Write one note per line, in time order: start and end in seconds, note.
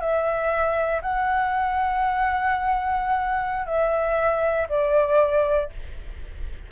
0.00 1.01 E5
1.02 3.66 F#5
3.66 4.67 E5
4.69 5.70 D5